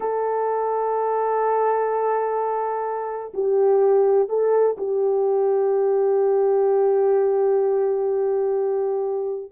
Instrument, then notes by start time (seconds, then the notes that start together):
horn
0.00 A4
3.34 G4
4.29 A4
4.77 G4